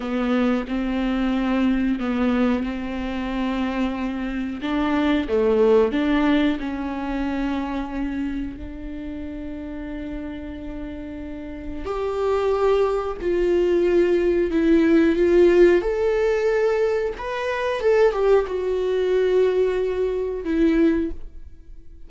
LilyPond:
\new Staff \with { instrumentName = "viola" } { \time 4/4 \tempo 4 = 91 b4 c'2 b4 | c'2. d'4 | a4 d'4 cis'2~ | cis'4 d'2.~ |
d'2 g'2 | f'2 e'4 f'4 | a'2 b'4 a'8 g'8 | fis'2. e'4 | }